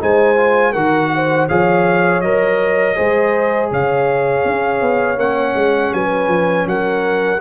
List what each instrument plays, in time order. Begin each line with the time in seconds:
0.00 tuba G#3, trombone D#4, horn C5, trumpet G#5
0.36 trombone F4
0.73 tuba D#3, trombone F#4, horn A#4, trumpet F#5
1.15 horn C5
1.49 tuba F3, trombone G#4, horn C#5, trumpet F5
2.21 tuba F#3, trombone A#4, trumpet D#5
2.96 tuba G#3, trombone G#4, horn C5
3.71 tuba C#3, horn C#5, trumpet F5
4.45 tuba C#4
4.81 tuba B3
5.17 tuba A#3, trombone C#4, trumpet F#5
5.55 tuba G#3
5.93 tuba F#3, horn B4, trumpet G#5
6.28 tuba F3
6.66 tuba F#3, horn A#4, trumpet F#5